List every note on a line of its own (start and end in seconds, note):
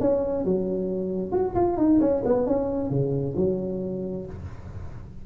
0.00 0.44 C#4
0.44 1.32 F#3
1.32 1.54 F#4
1.55 1.77 F4
1.77 2.00 D#4
2.00 2.23 C#4
2.25 2.46 B3
2.46 2.90 C#4
2.90 3.34 C#3
3.36 4.25 F#3